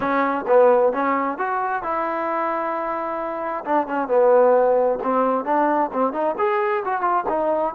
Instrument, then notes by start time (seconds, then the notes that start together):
trombone
0.00 C#4
0.47 B3
0.92 C#4
1.38 F#4
1.82 E4
3.64 D4
3.87 C#4
4.08 B3
5.03 C4
5.44 D4
5.92 C4
6.12 D#4
6.38 G#4
6.84 F#4
7.01 F4
7.29 D#4